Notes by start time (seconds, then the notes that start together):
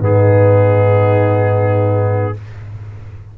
0.00 G#2 B3 D#4 G#4